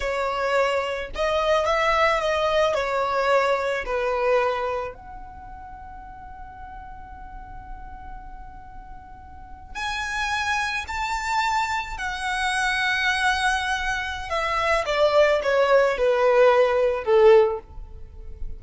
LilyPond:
\new Staff \with { instrumentName = "violin" } { \time 4/4 \tempo 4 = 109 cis''2 dis''4 e''4 | dis''4 cis''2 b'4~ | b'4 fis''2.~ | fis''1~ |
fis''4.~ fis''16 gis''2 a''16~ | a''4.~ a''16 fis''2~ fis''16~ | fis''2 e''4 d''4 | cis''4 b'2 a'4 | }